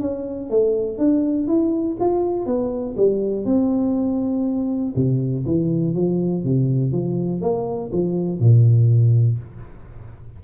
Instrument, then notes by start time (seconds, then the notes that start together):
tuba
0.00 C#4
0.50 A3
0.98 D4
1.47 E4
2.00 F4
2.46 B3
2.96 G3
3.45 C4
4.95 C3
5.45 E3
5.94 F3
6.43 C3
6.92 F3
7.41 A#3
7.92 F3
8.39 A#2